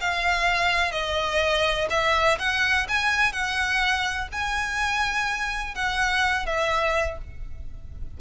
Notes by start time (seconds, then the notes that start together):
0.00 F5
0.92 D#5
1.90 E5
2.39 F#5
2.88 G#5
3.32 F#5
4.32 G#5
5.74 F#5
6.46 E5